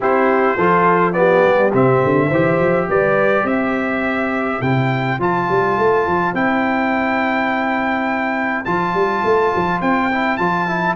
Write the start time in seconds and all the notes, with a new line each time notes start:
0.00 C4 E4 G4 C5
0.57 F3 F4 A4
1.12 B3 G4 D5
1.46 G3
1.72 C3 C4 E5
2.04 D3
2.27 E3 G4 C5
2.59 F3
2.89 G3 B4 D5
3.43 C4 C5 E5
4.61 C3 E4 G5
5.19 F3 F4 A5
5.49 G3
5.78 A3
6.06 F3
6.33 C4 E4 G5
8.65 F3 F4 A5
8.94 G3
9.24 A3
9.55 F3
9.81 C4 G5
10.11 E4
10.37 F3 F4 A5
10.67 E4